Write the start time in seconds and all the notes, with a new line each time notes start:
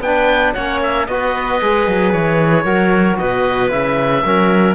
0.00 B3 D4 B4 G5
0.53 A#3 C#4 C#5 F#5
0.83 E5
1.06 B3 F#4 B4 D#5
1.62 G#3 G#4
1.87 F#3
2.12 E3 C#5
2.64 F#3 F#4 A#4
3.18 B2 B4 D#5
3.69 C#3 E4 E5
4.25 F#3 C#4 A#4